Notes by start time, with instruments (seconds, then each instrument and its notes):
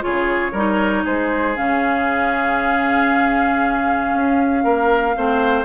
0.00 bassoon C#3, clarinet F4, oboe G#4, flute C#5
0.52 bassoon G3, clarinet D#4, oboe A#4
1.04 bassoon G#3, oboe G#4, flute C5
1.55 bassoon C#3, clarinet C#4, flute F5
4.13 bassoon C#4
4.64 bassoon A#3, oboe A#4
5.15 bassoon A3, clarinet C4, oboe C5